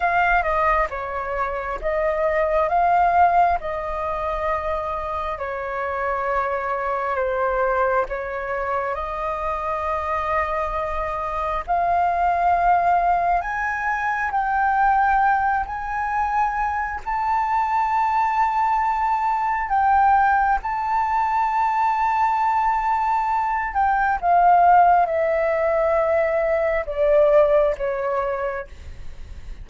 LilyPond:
\new Staff \with { instrumentName = "flute" } { \time 4/4 \tempo 4 = 67 f''8 dis''8 cis''4 dis''4 f''4 | dis''2 cis''2 | c''4 cis''4 dis''2~ | dis''4 f''2 gis''4 |
g''4. gis''4. a''4~ | a''2 g''4 a''4~ | a''2~ a''8 g''8 f''4 | e''2 d''4 cis''4 | }